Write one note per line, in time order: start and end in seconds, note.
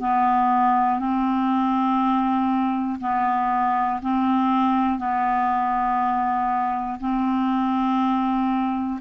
0.00 1.00 B3
1.00 3.00 C4
3.00 4.00 B3
4.02 4.99 C4
4.99 6.99 B3
7.00 9.00 C4